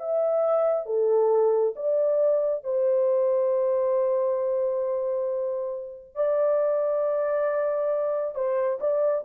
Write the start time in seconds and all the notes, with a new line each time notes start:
0.00 E5
0.86 A4
1.76 D5
2.64 C5
6.16 D5
8.35 C5
8.81 D5